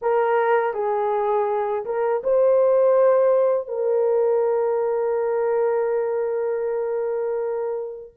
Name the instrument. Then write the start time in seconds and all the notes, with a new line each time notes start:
horn
0.01 A#4
0.73 G#4
1.85 A#4
2.23 C5
3.68 A#4